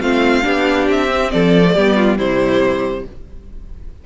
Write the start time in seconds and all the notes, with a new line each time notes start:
0.00 A3 C4 F4 F5
0.42 B3 D4 G4
0.88 C4 E5
1.08 C4
1.30 F3 A4 D5
1.64 A3
1.74 G3 B3 G4
1.96 F4
2.17 C3 G3 E4 C5